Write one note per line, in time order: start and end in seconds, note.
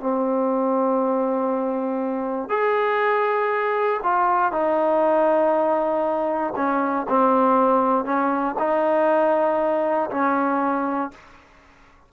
0.00 2.49 C4
2.49 4.00 G#4
4.03 4.52 F4
4.52 6.53 D#4
6.56 7.06 C#4
7.09 8.05 C4
8.05 8.55 C#4
8.59 10.10 D#4
10.10 11.11 C#4